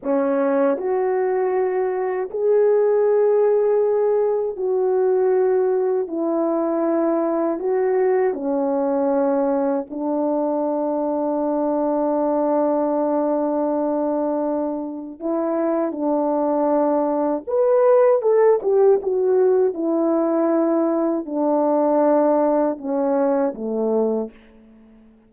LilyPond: \new Staff \with { instrumentName = "horn" } { \time 4/4 \tempo 4 = 79 cis'4 fis'2 gis'4~ | gis'2 fis'2 | e'2 fis'4 cis'4~ | cis'4 d'2.~ |
d'1 | e'4 d'2 b'4 | a'8 g'8 fis'4 e'2 | d'2 cis'4 a4 | }